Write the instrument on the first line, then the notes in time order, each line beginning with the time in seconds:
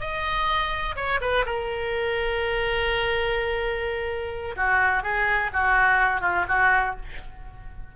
oboe
0.00 D#5
0.96 C#5
1.21 B4
1.46 A#4
4.56 F#4
5.03 G#4
5.53 F#4
6.21 F4
6.48 F#4